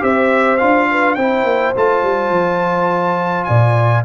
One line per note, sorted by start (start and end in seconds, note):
0.00 0.60 C4
0.00 0.58 G4
0.00 0.90 C5
0.00 0.57 E5
0.57 1.17 D4
0.57 1.18 F4
0.57 1.15 F5
0.91 1.17 B4
1.15 1.44 C4
1.15 1.76 E4
1.15 3.48 C5
1.15 1.73 G5
1.44 1.73 A#3
1.76 2.03 A3
1.76 4.05 F4
1.76 3.45 A5
2.03 2.30 G3
2.30 3.46 F3
3.45 4.05 A#2
3.45 4.05 D5
3.45 4.02 G#5